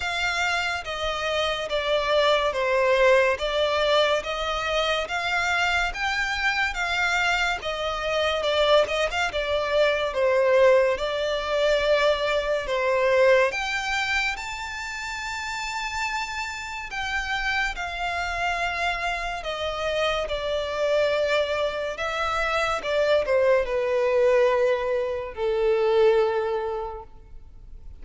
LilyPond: \new Staff \with { instrumentName = "violin" } { \time 4/4 \tempo 4 = 71 f''4 dis''4 d''4 c''4 | d''4 dis''4 f''4 g''4 | f''4 dis''4 d''8 dis''16 f''16 d''4 | c''4 d''2 c''4 |
g''4 a''2. | g''4 f''2 dis''4 | d''2 e''4 d''8 c''8 | b'2 a'2 | }